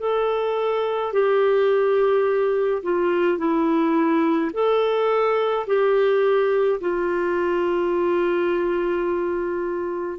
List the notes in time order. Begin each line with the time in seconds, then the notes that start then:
0.00 A4
1.13 G4
2.83 F4
3.39 E4
4.53 A4
5.67 G4
6.81 F4